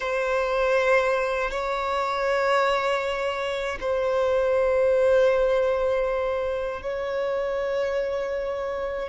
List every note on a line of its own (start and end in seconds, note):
0.00 1.50 C5
1.50 3.78 C#5
3.80 6.81 C5
6.81 9.09 C#5